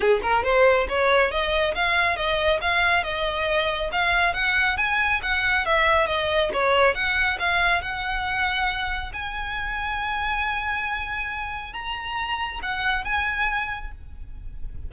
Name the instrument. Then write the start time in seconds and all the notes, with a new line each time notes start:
violin
0.00 G#4
0.22 A#4
0.43 C5
0.88 C#5
1.31 D#5
1.74 F5
2.16 D#5
2.61 F5
3.03 D#5
3.92 F5
4.33 F#5
4.77 G#5
5.22 F#5
5.65 E5
6.06 D#5
6.53 C#5
6.94 F#5
7.39 F5
7.81 F#5
9.13 G#5
11.73 A#5
12.62 F#5
13.04 G#5